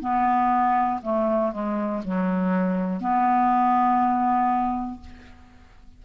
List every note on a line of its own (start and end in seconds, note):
0.00 1.00 B3
1.02 1.52 A3
1.52 2.02 G#3
2.04 3.00 F#3
3.00 5.00 B3